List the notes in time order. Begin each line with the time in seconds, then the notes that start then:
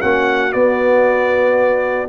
0.00 A#3 C#4 F#4 F#5
0.52 B3 D5